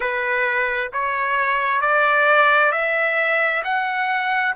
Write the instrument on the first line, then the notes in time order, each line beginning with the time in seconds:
trumpet
0.00 B4
0.92 C#5
1.81 D5
2.71 E5
3.64 F#5